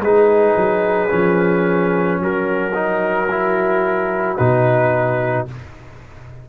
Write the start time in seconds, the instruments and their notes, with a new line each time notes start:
0.00 tuba G#3, trombone D#4, horn G#4, trumpet B4
0.56 tuba F#3
1.09 tuba F3, trombone C#4
2.21 tuba F#3, horn F#4, trumpet A#4
2.75 trombone D#4
3.31 trombone E4
4.37 tuba B2, trombone D#4, trumpet B4